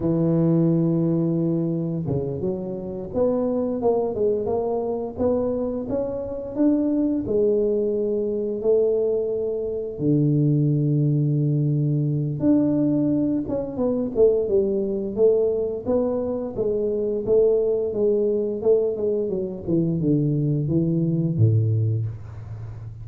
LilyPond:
\new Staff \with { instrumentName = "tuba" } { \time 4/4 \tempo 4 = 87 e2. cis8 fis8~ | fis8 b4 ais8 gis8 ais4 b8~ | b8 cis'4 d'4 gis4.~ | gis8 a2 d4.~ |
d2 d'4. cis'8 | b8 a8 g4 a4 b4 | gis4 a4 gis4 a8 gis8 | fis8 e8 d4 e4 a,4 | }